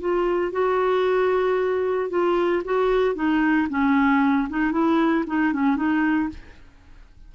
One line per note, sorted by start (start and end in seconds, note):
0.00 0.52 F4
0.52 2.10 F#4
2.10 2.62 F4
2.65 3.15 F#4
3.15 3.68 D#4
3.69 4.48 C#4
4.49 4.72 D#4
4.72 5.25 E4
5.27 5.53 D#4
5.53 5.76 C#4
5.76 6.29 D#4